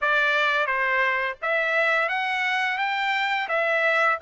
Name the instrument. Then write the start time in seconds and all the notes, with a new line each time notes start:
trumpet
0.01 D5
0.66 C5
1.41 E5
2.08 F#5
2.78 G5
3.48 E5